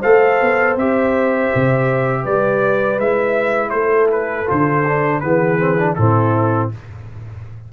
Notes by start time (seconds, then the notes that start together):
0.00 A3 A4 C5 F5
0.42 B3
0.76 C4 G4 E5
1.55 C3
2.23 G3 B4 D5
2.98 G#3 E4 E5
3.70 A3 A4 C5
4.12 B4
4.46 D3 F4 C5
4.87 D4
5.21 E3 B3 G#4 B4
5.59 C4
5.79 D4
5.95 A2 C4 E4 A4